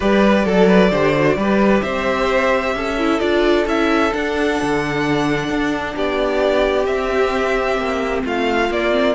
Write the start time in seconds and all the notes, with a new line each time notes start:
0.00 G3 G4 B4 D5
0.45 F#3 A4
0.67 B4
0.91 D3 G4 C5
1.16 F#4
1.36 G3 G4 B4
1.82 C4 C5 E5
2.74 C#4 A4
2.99 E4
3.19 D4 F4 D5
3.66 C#4 E4 E5
4.12 D4 F#5
4.61 D3
5.49 D4
5.95 B3 G4 D5
6.85 C4 E5
7.77 A#3
8.24 A3 F4 F5
8.70 A#3 D5
8.91 C4